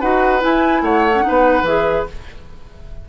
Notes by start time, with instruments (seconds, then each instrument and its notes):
0.00 bassoon D#4, clarinet F#4, oboe B4, flute F#5
0.40 clarinet E4, bassoon E4, flute G#5
0.82 bassoon A3, oboe C#5, flute F#5
1.14 clarinet C#4
1.22 clarinet D#4, oboe B4
1.28 bassoon B3
1.62 bassoon E3, clarinet G#4, flute E5